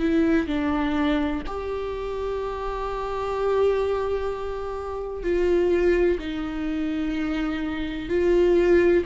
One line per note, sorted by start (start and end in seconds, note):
0.00 0.47 E4
0.47 1.42 D4
1.47 5.23 G4
5.23 6.19 F4
6.19 8.10 D#4
8.10 9.05 F4